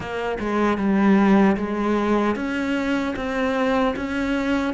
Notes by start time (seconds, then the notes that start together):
0.00 A#3
0.39 G#3
0.77 G3
1.56 G#3
2.35 C#4
3.15 C4
3.95 C#4